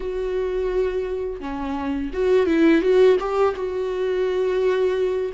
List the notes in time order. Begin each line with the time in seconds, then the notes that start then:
0.00 F#4
1.40 C#4
2.13 F#4
2.46 E4
2.81 F#4
3.19 G4
3.55 F#4